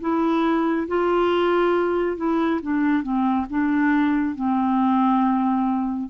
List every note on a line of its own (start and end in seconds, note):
0.00 0.87 E4
0.87 2.17 F4
2.17 2.60 E4
2.62 3.02 D4
3.02 3.46 C4
3.49 4.35 D4
4.35 6.09 C4